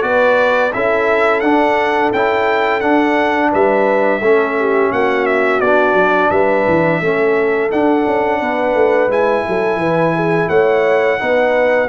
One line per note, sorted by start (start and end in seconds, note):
0.00 0.72 B3
0.00 0.70 F#4
0.00 0.73 B4
0.00 0.72 D5
0.72 1.42 C#4
0.72 1.43 E4
0.72 3.50 A4
0.72 1.40 E5
1.40 2.11 D4
1.40 2.12 D4
1.40 2.10 F#5
2.12 2.82 C#4
2.12 2.81 E4
2.12 2.80 G5
2.80 4.20 D4
2.80 3.52 D4
2.80 3.50 F#5
3.50 4.20 G3
3.50 4.20 B4
3.50 4.92 E5
4.20 4.90 A3
4.20 5.62 C#4
4.20 4.56 A4
4.58 4.92 G4
4.92 5.60 A#3
4.92 6.30 F#4
4.92 5.26 F#5
5.26 5.60 E5
5.60 5.93 B3
5.60 7.02 D4
5.60 6.30 D5
5.93 6.28 F#3
6.30 6.64 G3
6.30 7.00 B4
6.30 7.69 E5
6.67 7.00 E3
7.00 7.70 A3
7.00 7.70 C#4
7.00 8.39 A4
7.70 9.09 D4
7.70 8.06 D4
7.70 9.11 F#5
8.06 8.40 C#4
8.39 8.74 B3
8.39 9.44 B4
8.74 9.08 A3
9.08 9.43 G#3
9.08 11.19 E4
9.08 10.49 G#5
9.47 9.76 F#3
9.47 9.78 A4
9.76 10.45 E3
9.76 10.13 B4
10.15 10.49 G#4
10.49 11.18 A3
10.49 11.19 C#5
10.49 11.88 F#5
11.19 11.88 B3
11.19 11.88 D#4
11.19 11.88 B4